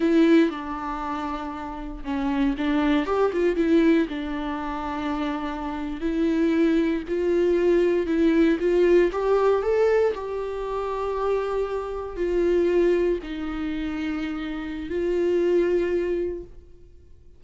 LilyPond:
\new Staff \with { instrumentName = "viola" } { \time 4/4 \tempo 4 = 117 e'4 d'2. | cis'4 d'4 g'8 f'8 e'4 | d'2.~ d'8. e'16~ | e'4.~ e'16 f'2 e'16~ |
e'8. f'4 g'4 a'4 g'16~ | g'2.~ g'8. f'16~ | f'4.~ f'16 dis'2~ dis'16~ | dis'4 f'2. | }